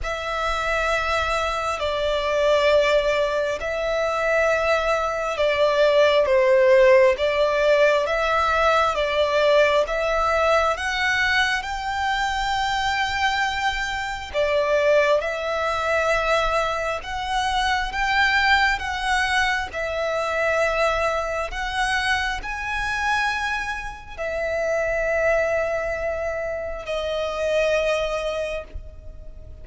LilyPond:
\new Staff \with { instrumentName = "violin" } { \time 4/4 \tempo 4 = 67 e''2 d''2 | e''2 d''4 c''4 | d''4 e''4 d''4 e''4 | fis''4 g''2. |
d''4 e''2 fis''4 | g''4 fis''4 e''2 | fis''4 gis''2 e''4~ | e''2 dis''2 | }